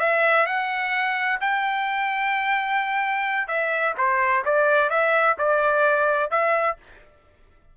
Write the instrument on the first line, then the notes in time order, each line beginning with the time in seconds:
trumpet
0.00 E5
0.47 F#5
1.41 G5
3.48 E5
3.98 C5
4.45 D5
4.90 E5
5.38 D5
6.31 E5